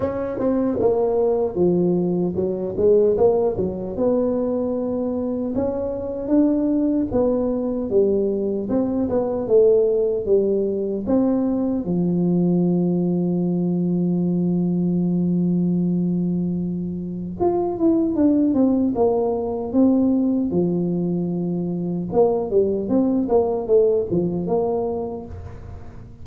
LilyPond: \new Staff \with { instrumentName = "tuba" } { \time 4/4 \tempo 4 = 76 cis'8 c'8 ais4 f4 fis8 gis8 | ais8 fis8 b2 cis'4 | d'4 b4 g4 c'8 b8 | a4 g4 c'4 f4~ |
f1~ | f2 f'8 e'8 d'8 c'8 | ais4 c'4 f2 | ais8 g8 c'8 ais8 a8 f8 ais4 | }